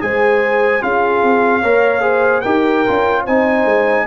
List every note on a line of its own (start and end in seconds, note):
0.00 0.82 G#3
0.00 0.81 G#4
0.00 0.83 C5
0.00 0.82 G#5
0.81 1.22 C#4
0.81 1.62 F4
0.81 1.61 G#4
0.81 2.41 F5
1.22 1.62 C4
1.61 2.43 A#3
1.61 2.01 A#4
1.61 2.02 C#5
2.01 2.41 G#4
2.01 2.42 C5
2.41 2.85 D#4
2.41 2.85 G4
2.41 3.23 A#4
2.41 3.22 G5
2.86 3.27 C#4
2.86 3.27 F4
3.23 3.64 C4
3.23 4.06 D#4
3.23 4.05 C5
3.23 4.06 G#5
3.64 4.05 G#3